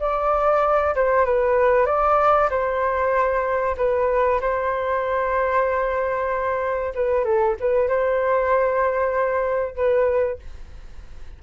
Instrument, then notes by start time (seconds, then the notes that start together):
flute
0.00 D5
0.96 C5
1.25 B4
1.86 D5
2.50 C5
3.77 B4
4.41 C5
6.95 B4
7.24 A4
7.60 B4
7.88 C5
9.76 B4